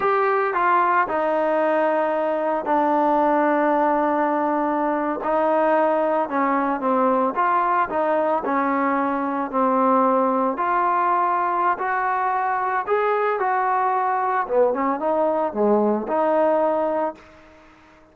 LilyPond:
\new Staff \with { instrumentName = "trombone" } { \time 4/4 \tempo 4 = 112 g'4 f'4 dis'2~ | dis'4 d'2.~ | d'4.~ d'16 dis'2 cis'16~ | cis'8. c'4 f'4 dis'4 cis'16~ |
cis'4.~ cis'16 c'2 f'16~ | f'2 fis'2 | gis'4 fis'2 b8 cis'8 | dis'4 gis4 dis'2 | }